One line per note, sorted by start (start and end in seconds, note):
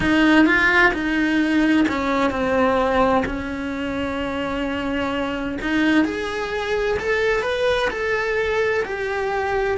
0.00 0.46 D#4
0.46 0.92 F4
0.93 1.86 D#4
1.88 2.30 C#4
2.30 3.23 C4
3.25 5.58 C#4
5.61 6.04 D#4
6.04 6.97 G#4
6.99 7.42 A4
7.42 7.89 B4
7.90 8.83 A4
8.84 9.77 G4